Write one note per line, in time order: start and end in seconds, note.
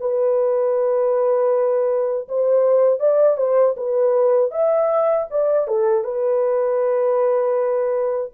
0.00 2.28 B4
2.29 3.00 C5
3.00 3.37 D5
3.37 3.75 C5
3.77 4.52 B4
4.52 5.28 E5
5.31 5.68 D5
5.68 6.04 A4
6.04 8.32 B4